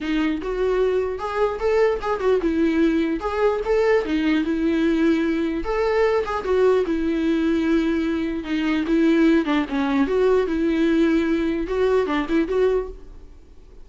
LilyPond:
\new Staff \with { instrumentName = "viola" } { \time 4/4 \tempo 4 = 149 dis'4 fis'2 gis'4 | a'4 gis'8 fis'8 e'2 | gis'4 a'4 dis'4 e'4~ | e'2 a'4. gis'8 |
fis'4 e'2.~ | e'4 dis'4 e'4. d'8 | cis'4 fis'4 e'2~ | e'4 fis'4 d'8 e'8 fis'4 | }